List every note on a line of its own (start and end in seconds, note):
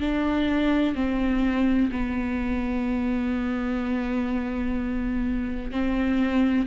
0.00 0.95 D4
0.95 1.90 C4
1.91 5.71 B3
5.71 6.67 C4